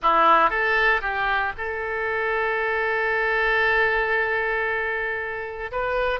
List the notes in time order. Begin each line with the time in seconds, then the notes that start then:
0.02 E4
0.50 A4
1.01 G4
1.57 A4
5.71 B4